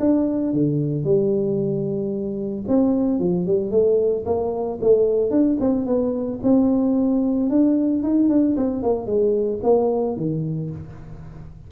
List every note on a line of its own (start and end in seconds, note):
0.00 0.54 D4
0.54 1.04 D3
1.04 2.65 G3
2.68 3.20 C4
3.20 3.46 F3
3.46 3.71 G3
3.71 4.25 A3
4.26 4.79 A#3
4.81 5.31 A3
5.31 5.58 D4
5.60 5.87 C4
5.87 6.40 B3
6.43 7.50 C4
7.50 8.03 D4
8.03 8.29 D#4
8.29 8.56 D4
8.57 8.83 C4
8.83 9.07 A#3
9.07 9.60 G#3
9.63 10.17 A#3
10.17 10.70 D#3